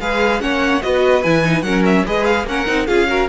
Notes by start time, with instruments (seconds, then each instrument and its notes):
0.00 cello G#3, viola G#4, violin B4 F5
0.40 cello A#3, viola C#4, violin C#5 F#5
0.82 cello B3, viola F#4, violin B4 D#5
1.24 cello E3, viola E4, violin G#5
1.44 viola D#4
1.63 cello F#3, viola C#4, violin A#4 F#5
1.86 violin E5
2.06 cello G#3, viola G#4, violin B4 D#5
2.25 violin F5
2.44 cello A#3, viola C#4, violin F#5
2.50 violin A#4
2.67 cello C4, viola D#4
2.87 cello C#4, viola F4, violin G#4 F5
3.08 viola F#4, violin A#4